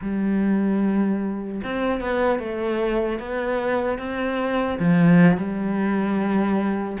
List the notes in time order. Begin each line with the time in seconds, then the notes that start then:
0.01 G3
1.63 C4
2.00 B3
2.39 A3
3.19 B3
3.98 C4
4.79 F3
5.37 G3